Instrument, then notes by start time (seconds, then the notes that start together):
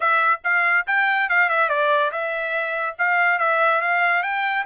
trumpet
0.00 E5
0.44 F5
0.86 G5
1.29 F5
1.49 E5
1.69 D5
2.11 E5
2.98 F5
3.39 E5
3.81 F5
4.22 G5